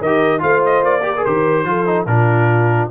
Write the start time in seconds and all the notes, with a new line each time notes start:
0.00 D#3 G4 A#4 D#5
0.39 A3 F4 C5 F5
0.65 D#5
0.82 A#3 D5
1.03 G4 A#4
1.17 G#4
1.25 D#3 G4 C5
1.65 F3 F4 A4
1.86 D#4
2.06 A#2 D4 F4 A#4